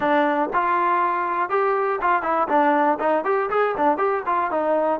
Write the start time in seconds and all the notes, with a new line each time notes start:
0.00 D4
0.53 F4
1.49 G4
2.01 F4
2.22 E4
2.48 D4
2.99 D#4
3.24 G4
3.50 G#4
3.77 D4
3.97 G4
4.26 F4
4.50 D#4